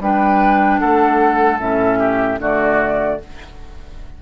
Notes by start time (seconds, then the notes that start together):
0.00 G3 D4 B4 G5
0.79 A3 A4 F#5
1.59 A2 C#4 E5
1.99 G4
2.39 D3 A3 F#4 D5